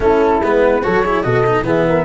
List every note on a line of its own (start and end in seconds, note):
0.00 0.41 A3
0.00 0.41 C#4
0.00 0.83 E4
0.00 0.43 A4
0.41 0.82 G#3
0.41 0.83 B3
0.41 0.83 B4
0.83 1.24 F#3
0.83 1.04 F#4
0.83 1.03 A4
0.83 1.22 C#5
1.03 1.23 E4
1.03 1.23 G#4
1.22 1.62 B2
1.22 1.44 F#4
1.22 1.65 A4
1.22 1.63 D#5
1.45 1.64 D#4
1.62 2.03 E3
1.62 2.05 B3
1.62 1.86 G#4
1.62 2.05 E5
1.89 2.05 A#4